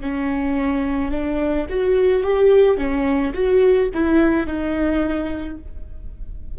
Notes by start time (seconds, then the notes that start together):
0.00 C#4
1.11 D4
1.69 F#4
2.23 G4
2.77 C#4
3.33 F#4
3.93 E4
4.46 D#4